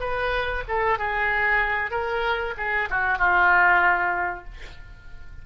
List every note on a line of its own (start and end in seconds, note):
0.00 0.63 B4
0.68 0.98 A4
0.98 1.91 G#4
1.91 2.54 A#4
2.57 2.89 G#4
2.90 3.18 F#4
3.18 4.45 F4